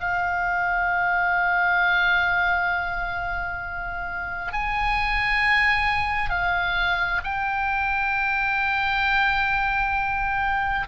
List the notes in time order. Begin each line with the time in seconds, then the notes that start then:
0.00 F5
4.52 G#5
6.30 F5
7.24 G5